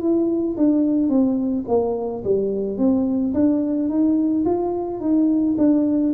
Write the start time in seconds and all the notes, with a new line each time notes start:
0.00 E4
0.57 D4
1.09 C4
1.68 A#3
2.24 G3
2.78 C4
3.34 D4
3.89 D#4
4.45 F4
5.00 D#4
5.58 D4